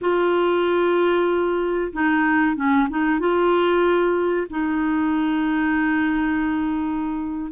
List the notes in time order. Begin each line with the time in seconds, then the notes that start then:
0.01 F4
1.93 D#4
2.56 C#4
2.89 D#4
3.19 F4
4.50 D#4